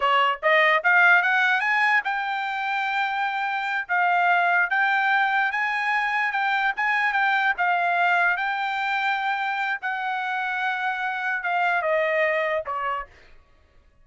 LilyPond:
\new Staff \with { instrumentName = "trumpet" } { \time 4/4 \tempo 4 = 147 cis''4 dis''4 f''4 fis''4 | gis''4 g''2.~ | g''4. f''2 g''8~ | g''4. gis''2 g''8~ |
g''8 gis''4 g''4 f''4.~ | f''8 g''2.~ g''8 | fis''1 | f''4 dis''2 cis''4 | }